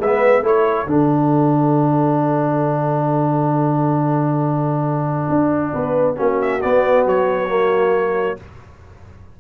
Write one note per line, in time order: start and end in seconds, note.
0.00 0.42 G#3
0.00 0.43 B3
0.00 0.44 B4
0.00 0.46 E5
0.42 0.86 A3
0.42 0.87 E4
0.42 5.73 A4
0.42 0.90 C#5
0.87 5.28 D3
0.87 6.16 D4
0.87 6.41 F#5
5.29 5.73 D4
5.73 6.19 B3
5.73 6.17 B4
6.16 6.64 A#3
6.16 6.61 C#4
6.16 8.37 F#4
6.41 6.62 E5
6.62 7.49 B3
6.62 7.06 B3
6.62 7.06 D5
7.06 8.38 F#3
7.06 8.40 C#5
7.49 8.37 A#3